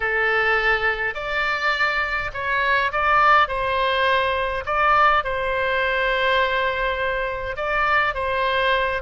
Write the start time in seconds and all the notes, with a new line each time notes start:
0.00 A4
1.14 D5
2.33 C#5
2.92 D5
3.48 C5
4.65 D5
5.24 C5
7.56 D5
8.14 C5